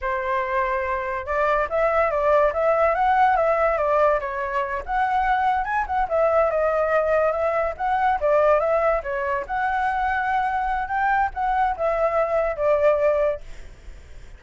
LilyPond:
\new Staff \with { instrumentName = "flute" } { \time 4/4 \tempo 4 = 143 c''2. d''4 | e''4 d''4 e''4 fis''4 | e''4 d''4 cis''4. fis''8~ | fis''4. gis''8 fis''8 e''4 dis''8~ |
dis''4. e''4 fis''4 d''8~ | d''8 e''4 cis''4 fis''4.~ | fis''2 g''4 fis''4 | e''2 d''2 | }